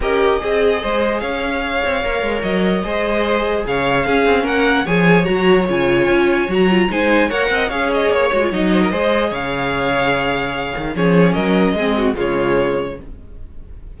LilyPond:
<<
  \new Staff \with { instrumentName = "violin" } { \time 4/4 \tempo 4 = 148 dis''2. f''4~ | f''2 dis''2~ | dis''4 f''2 fis''4 | gis''4 ais''4 gis''2 |
ais''4 gis''4 fis''4 f''8 dis''8 | cis''4 dis''2 f''4~ | f''2. cis''4 | dis''2 cis''2 | }
  \new Staff \with { instrumentName = "violin" } { \time 4/4 ais'4 gis'4 c''4 cis''4~ | cis''2. c''4~ | c''4 cis''4 gis'4 ais'4 | cis''1~ |
cis''4 c''4 cis''8 dis''8 cis''4~ | cis''4. c''16 ais'16 c''4 cis''4~ | cis''2. gis'4 | ais'4 gis'8 fis'8 f'2 | }
  \new Staff \with { instrumentName = "viola" } { \time 4/4 g'4 gis'2.~ | gis'4 ais'2 gis'4~ | gis'2 cis'2 | gis'4 fis'4 f'2 |
fis'8 f'8 dis'4 ais'4 gis'4~ | gis'8 fis'16 f'16 dis'4 gis'2~ | gis'2. cis'4~ | cis'4 c'4 gis2 | }
  \new Staff \with { instrumentName = "cello" } { \time 4/4 cis'4 c'4 gis4 cis'4~ | cis'8 c'8 ais8 gis8 fis4 gis4~ | gis4 cis4 cis'8 c'8 ais4 | f4 fis4 cis4 cis'4 |
fis4 gis4 ais8 c'8 cis'4 | ais8 gis8 fis4 gis4 cis4~ | cis2~ cis8 dis8 f4 | fis4 gis4 cis2 | }
>>